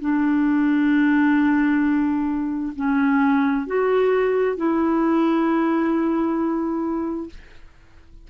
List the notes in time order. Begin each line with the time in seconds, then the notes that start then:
0.00 D4
2.76 C#4
3.67 F#4
4.57 E4